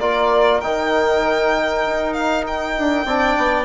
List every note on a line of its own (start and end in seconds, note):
0.00 0.62 A#3
0.00 0.62 F4
0.00 3.05 A#4
0.00 0.61 D5
0.61 1.85 D#3
0.61 3.07 D#4
0.61 2.13 G5
1.85 2.77 D#4
2.13 2.44 F5
2.47 3.64 G5
2.77 3.05 D4
3.05 3.36 C4
3.05 3.64 D4
3.05 3.64 D5
3.37 3.64 B3